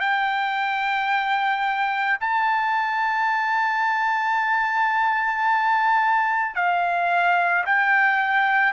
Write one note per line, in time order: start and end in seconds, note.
0.00 2.18 G5
2.20 6.55 A5
6.55 7.64 F5
7.65 8.73 G5